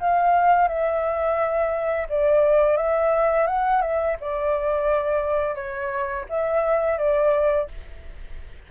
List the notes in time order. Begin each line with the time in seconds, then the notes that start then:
0.00 F5
0.68 E5
2.10 D5
2.77 E5
3.47 F#5
3.82 E5
4.21 D5
5.56 C#5
6.30 E5
6.99 D5